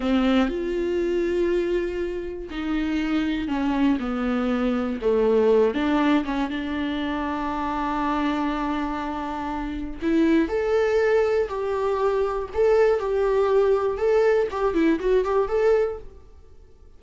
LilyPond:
\new Staff \with { instrumentName = "viola" } { \time 4/4 \tempo 4 = 120 c'4 f'2.~ | f'4 dis'2 cis'4 | b2 a4. d'8~ | d'8 cis'8 d'2.~ |
d'1 | e'4 a'2 g'4~ | g'4 a'4 g'2 | a'4 g'8 e'8 fis'8 g'8 a'4 | }